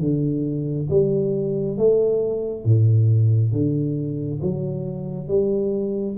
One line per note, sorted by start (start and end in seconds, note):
0.00 0.88 D3
0.90 1.78 G3
1.78 2.65 A3
2.65 3.53 A2
3.53 4.41 D3
4.42 5.28 F#3
5.28 6.16 G3